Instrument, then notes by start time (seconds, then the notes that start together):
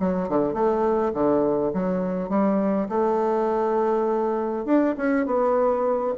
bassoon
0.00 F#3
0.29 D3
0.54 A3
1.14 D3
1.74 F#3
2.29 G3
2.89 A3
4.66 D4
4.97 C#4
5.26 B3